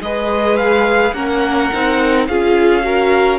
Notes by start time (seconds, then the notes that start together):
0.00 G#3 G#4 B4 D#5
0.57 F5
1.14 A#3 C#4 A#4 F#5
1.73 C4 D#4
2.28 C#4 F4 G#4 F5
2.83 F#4 A#4